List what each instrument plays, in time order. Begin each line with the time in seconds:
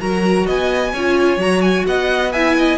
0.00 cello F#3, viola F#4, violin A#4 A#5
0.46 cello B3, violin D#5 G#5
0.93 cello C#4, viola F4, violin C#5
1.37 cello F#3, viola F#4, violin A#5
1.61 violin G#5
1.87 cello B3, violin D#5 F#5
2.32 viola E4, violin E5 G#5
2.58 violin D#5